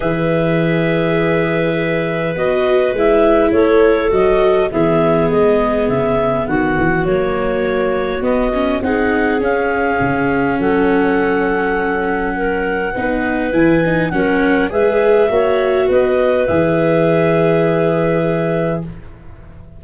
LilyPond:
<<
  \new Staff \with { instrumentName = "clarinet" } { \time 4/4 \tempo 4 = 102 e''1 | dis''4 e''4 cis''4 dis''4 | e''4 dis''4 e''4 fis''4 | cis''2 dis''4 fis''4 |
f''2 fis''2~ | fis''2. gis''4 | fis''4 e''2 dis''4 | e''1 | }
  \new Staff \with { instrumentName = "clarinet" } { \time 4/4 b'1~ | b'2 a'2 | gis'2. fis'4~ | fis'2. gis'4~ |
gis'2 a'2~ | a'4 ais'4 b'2 | ais'4 b'4 cis''4 b'4~ | b'1 | }
  \new Staff \with { instrumentName = "viola" } { \time 4/4 gis'1 | fis'4 e'2 fis'4 | b1 | ais2 b8 cis'8 dis'4 |
cis'1~ | cis'2 dis'4 e'8 dis'8 | cis'4 gis'4 fis'2 | gis'1 | }
  \new Staff \with { instrumentName = "tuba" } { \time 4/4 e1 | b4 gis4 a4 fis4 | e4 gis4 cis4 dis8 e8 | fis2 b4 c'4 |
cis'4 cis4 fis2~ | fis2 b4 e4 | fis4 gis4 ais4 b4 | e1 | }
>>